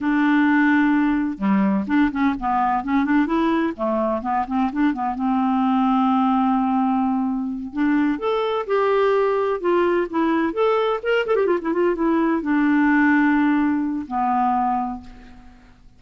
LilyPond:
\new Staff \with { instrumentName = "clarinet" } { \time 4/4 \tempo 4 = 128 d'2. g4 | d'8 cis'8 b4 cis'8 d'8 e'4 | a4 b8 c'8 d'8 b8 c'4~ | c'1~ |
c'8 d'4 a'4 g'4.~ | g'8 f'4 e'4 a'4 ais'8 | a'16 g'16 f'16 e'16 f'8 e'4 d'4.~ | d'2 b2 | }